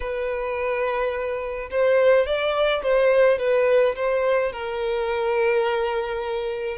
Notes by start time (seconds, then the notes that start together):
0.00 B4
1.70 C5
2.26 D5
2.82 C5
3.38 B4
3.95 C5
4.52 A#4